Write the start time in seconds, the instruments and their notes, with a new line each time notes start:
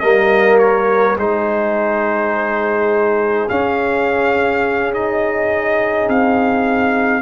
0.00 tuba G3, trombone A#3, horn A#4, trumpet D#5
0.59 trumpet C#5
1.17 tuba G#3, trombone D#4, horn G#4, trumpet C5
3.49 trombone C#4, tuba C#4, trumpet F5
4.94 trombone D#4, trumpet D#5
6.08 tuba C4, trumpet F5